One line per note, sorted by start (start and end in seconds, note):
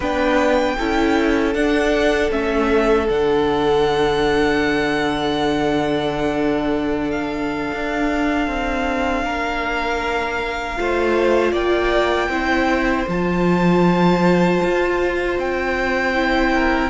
0.00 0.76 B3
0.00 0.78 D4
0.00 0.76 B4
0.00 1.53 G5
0.78 1.54 C#4
0.78 1.54 E4
0.78 9.24 A4
1.53 2.30 D4
1.53 2.30 F#5
2.30 3.07 A3
2.30 3.07 C#4
2.30 3.08 E5
3.08 7.71 D3
3.08 10.76 D4
3.08 7.10 F#5
7.10 11.53 F5
7.72 8.47 D4
8.47 9.24 C4
9.24 10.78 A#3
9.24 10.78 A#4
10.76 11.52 A3
10.76 12.30 F4
10.76 11.52 C5
11.52 12.28 A#3
11.52 12.29 D5
11.52 13.08 G5
12.28 13.05 C4
12.28 13.07 E4
12.28 16.53 C5
13.07 14.61 F3
13.07 16.14 F4
13.07 15.39 A5
14.63 15.38 F4
15.38 16.90 C4
15.38 16.90 G5
16.14 16.90 E4
16.53 16.90 A#4